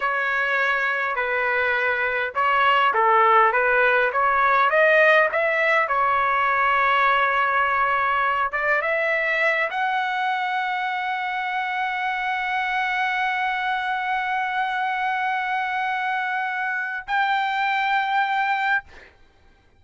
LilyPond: \new Staff \with { instrumentName = "trumpet" } { \time 4/4 \tempo 4 = 102 cis''2 b'2 | cis''4 a'4 b'4 cis''4 | dis''4 e''4 cis''2~ | cis''2~ cis''8 d''8 e''4~ |
e''8 fis''2.~ fis''8~ | fis''1~ | fis''1~ | fis''4 g''2. | }